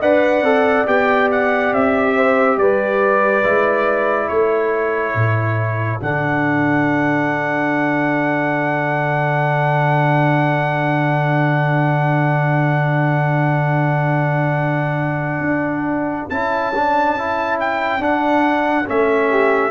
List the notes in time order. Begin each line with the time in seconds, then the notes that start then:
0.00 D4 B4 D5 F#5
0.41 C4 A4
0.86 B3 G4 G5
1.31 F#5
1.72 C4 E5
2.16 C5
2.57 G3 B4 D5
3.43 G#3 E4
4.28 A3 A4 C#5
5.14 A2
6.01 D3 D4 F#5
15.40 D4
16.29 C#4 E4 A5
16.75 D4
17.17 E4
17.60 G5
17.99 D4 F#5
18.86 A3 C#4 E5
19.30 G4